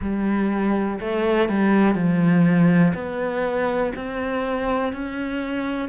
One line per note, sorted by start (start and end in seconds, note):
0.01 0.99 G3
1.00 1.48 A3
1.48 1.94 G3
1.94 2.93 F3
2.93 3.92 B3
3.95 4.92 C4
4.92 5.88 C#4